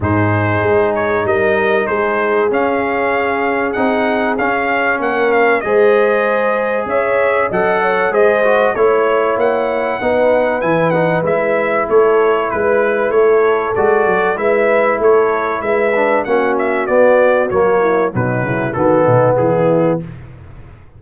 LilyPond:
<<
  \new Staff \with { instrumentName = "trumpet" } { \time 4/4 \tempo 4 = 96 c''4. cis''8 dis''4 c''4 | f''2 fis''4 f''4 | fis''8 f''8 dis''2 e''4 | fis''4 dis''4 cis''4 fis''4~ |
fis''4 gis''8 fis''8 e''4 cis''4 | b'4 cis''4 d''4 e''4 | cis''4 e''4 fis''8 e''8 d''4 | cis''4 b'4 a'4 gis'4 | }
  \new Staff \with { instrumentName = "horn" } { \time 4/4 gis'2 ais'4 gis'4~ | gis'1 | ais'4 c''2 cis''4 | dis''8 cis''8 c''4 cis''2 |
b'2. a'4 | b'4 a'2 b'4 | a'4 b'4 fis'2~ | fis'8 e'8 dis'8 e'8 fis'8 dis'8 e'4 | }
  \new Staff \with { instrumentName = "trombone" } { \time 4/4 dis'1 | cis'2 dis'4 cis'4~ | cis'4 gis'2. | a'4 gis'8 fis'8 e'2 |
dis'4 e'8 dis'8 e'2~ | e'2 fis'4 e'4~ | e'4. d'8 cis'4 b4 | ais4 fis4 b2 | }
  \new Staff \with { instrumentName = "tuba" } { \time 4/4 gis,4 gis4 g4 gis4 | cis'2 c'4 cis'4 | ais4 gis2 cis'4 | fis4 gis4 a4 ais4 |
b4 e4 gis4 a4 | gis4 a4 gis8 fis8 gis4 | a4 gis4 ais4 b4 | fis4 b,8 cis8 dis8 b,8 e4 | }
>>